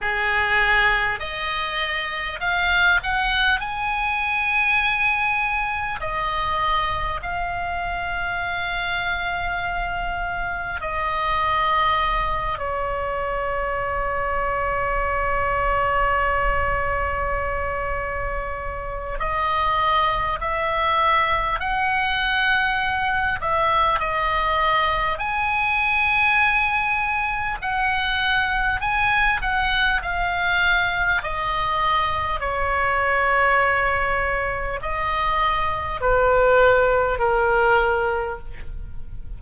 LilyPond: \new Staff \with { instrumentName = "oboe" } { \time 4/4 \tempo 4 = 50 gis'4 dis''4 f''8 fis''8 gis''4~ | gis''4 dis''4 f''2~ | f''4 dis''4. cis''4.~ | cis''1 |
dis''4 e''4 fis''4. e''8 | dis''4 gis''2 fis''4 | gis''8 fis''8 f''4 dis''4 cis''4~ | cis''4 dis''4 b'4 ais'4 | }